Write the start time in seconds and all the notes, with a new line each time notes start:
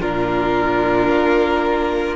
0.00 A#2 D4 F4 A#4
1.10 A#3